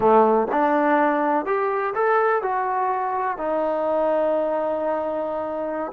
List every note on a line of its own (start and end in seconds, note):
0.00 0.47 A3
0.51 1.45 D4
1.45 1.94 G4
1.94 2.42 A4
2.42 3.37 F#4
3.37 5.91 D#4